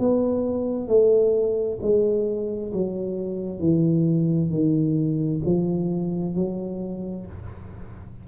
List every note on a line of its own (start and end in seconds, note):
0.00 0.88 B3
0.88 1.79 A3
1.82 2.73 G#3
2.73 3.60 F#3
3.60 4.51 E3
4.51 5.42 D#3
5.46 6.36 F3
6.36 7.26 F#3